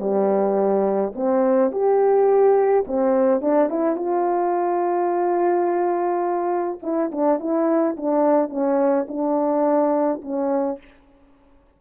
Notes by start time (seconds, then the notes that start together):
0.00 G3
1.16 C4
1.72 G4
2.87 C4
3.41 D4
3.70 E4
3.96 F4
6.83 E4
7.12 D4
7.40 E4
7.97 D4
8.50 C#4
9.08 D4
10.22 C#4